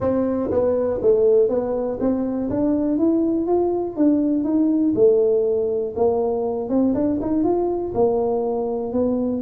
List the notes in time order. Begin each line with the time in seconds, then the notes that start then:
0.00 C4
0.50 B3
1.02 A3
1.49 B3
1.99 C4
2.50 D4
2.98 E4
3.46 F4
3.96 D4
4.44 D#4
4.95 A3
5.95 A#3
6.69 C4
6.94 D4
7.21 D#4
7.43 F4
7.94 A#3
8.92 B3